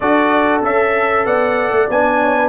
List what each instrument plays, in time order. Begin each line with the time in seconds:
0.00 tuba D4, trombone F#4, horn A4, trumpet D5
0.62 tuba C#4, trombone A4, trumpet E5
1.25 tuba B3, horn D5, trumpet F#5
1.71 tuba A3
1.89 tuba B3, trombone D4, trumpet G#5
2.21 horn C#5
2.36 horn B4